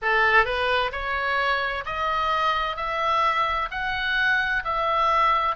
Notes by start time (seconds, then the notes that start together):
0.02 A4
0.45 B4
0.92 C#5
1.85 D#5
2.76 E5
3.70 F#5
4.64 E5